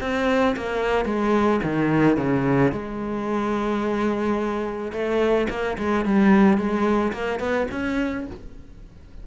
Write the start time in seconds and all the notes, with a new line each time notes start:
0.00 C4
0.56 A#3
1.05 G#3
1.63 D#3
2.16 C#3
2.71 G#3
4.92 A3
5.49 A#3
5.78 G#3
6.05 G3
6.57 G#3
7.12 A#3
7.39 B3
7.71 C#4